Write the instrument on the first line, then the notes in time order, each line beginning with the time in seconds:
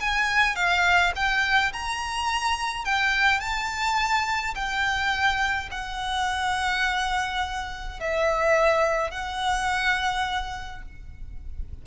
violin
0.00 G#5
0.55 F5
1.15 G5
1.73 A#5
2.85 G5
3.40 A5
4.55 G5
5.71 F#5
8.00 E5
9.11 F#5